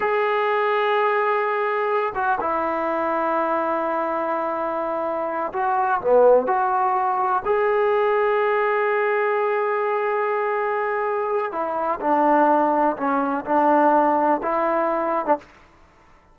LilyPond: \new Staff \with { instrumentName = "trombone" } { \time 4/4 \tempo 4 = 125 gis'1~ | gis'8 fis'8 e'2.~ | e'2.~ e'8 fis'8~ | fis'8 b4 fis'2 gis'8~ |
gis'1~ | gis'1 | e'4 d'2 cis'4 | d'2 e'4.~ e'16 d'16 | }